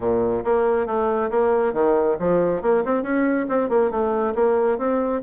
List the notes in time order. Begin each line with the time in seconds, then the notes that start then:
0.00 A#2
0.44 A#3
0.86 A3
1.30 A#3
1.73 D#3
2.19 F3
2.62 A#3
2.84 C4
3.03 C#4
3.49 C4
3.69 A#3
3.90 A3
4.34 A#3
4.78 C4